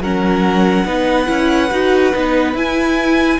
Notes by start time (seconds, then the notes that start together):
0.00 F#3 C#4 A#4 F#5
0.85 B3 D#4 B4
1.26 C#4 E4
1.71 D#4 F#4
2.13 B3 D#4
2.54 E4 G#5